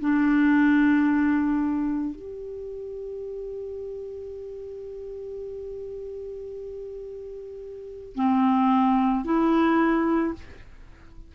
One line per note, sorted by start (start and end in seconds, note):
0.00 2.15 D4
2.15 8.15 G4
8.15 9.24 C4
9.24 10.33 E4